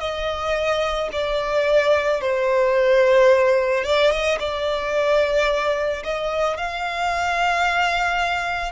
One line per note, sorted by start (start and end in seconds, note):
0.00 1.09 D#5
1.12 2.21 D5
2.21 3.84 C5
3.84 4.11 D5
4.11 4.38 D#5
4.39 6.03 D5
6.04 6.57 D#5
6.57 8.72 F5